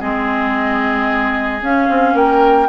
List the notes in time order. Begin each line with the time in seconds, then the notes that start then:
0.00 G#3 C4 G#4 D#5
1.61 C#4 F5
1.89 C4
2.14 A#3 A#4 G5